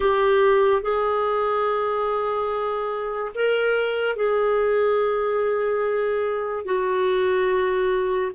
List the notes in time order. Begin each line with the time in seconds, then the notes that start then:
0.00 G4
0.82 G#4
3.34 A#4
4.16 G#4
6.65 F#4